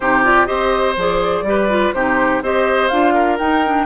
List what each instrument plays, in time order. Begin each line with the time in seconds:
0.00 bassoon C3, clarinet D#4, oboe G4, flute C5
0.24 clarinet F4, flute D5
0.46 bassoon C4, clarinet G4, oboe C5, flute D#5
0.96 bassoon F3, clarinet G#4, flute D5
1.42 bassoon G3, clarinet G4
1.48 oboe B4
1.69 clarinet F4
1.93 bassoon C3, clarinet D#4, oboe G4, flute C5
2.42 bassoon C4, clarinet G4, oboe C5, flute D#5
2.88 bassoon D4, clarinet F4, flute F5
3.14 oboe A#4
3.38 bassoon D#4, clarinet D#4, flute G5
3.65 clarinet D4